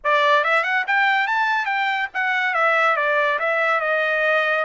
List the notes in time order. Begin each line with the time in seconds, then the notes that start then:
0.04 D5
0.44 E5
0.63 F#5
0.87 G5
1.27 A5
1.65 G5
2.14 F#5
2.54 E5
2.96 D5
3.39 E5
3.80 D#5